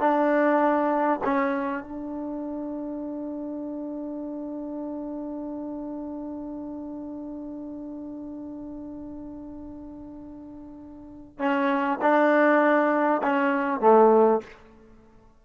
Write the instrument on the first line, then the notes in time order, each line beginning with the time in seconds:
trombone
0.00 D4
1.24 C#4
1.84 D4
11.39 C#4
12.02 D4
13.23 C#4
13.81 A3